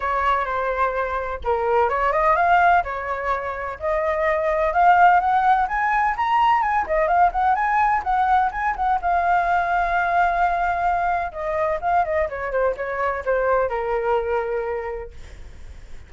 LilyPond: \new Staff \with { instrumentName = "flute" } { \time 4/4 \tempo 4 = 127 cis''4 c''2 ais'4 | cis''8 dis''8 f''4 cis''2 | dis''2 f''4 fis''4 | gis''4 ais''4 gis''8 dis''8 f''8 fis''8 |
gis''4 fis''4 gis''8 fis''8 f''4~ | f''1 | dis''4 f''8 dis''8 cis''8 c''8 cis''4 | c''4 ais'2. | }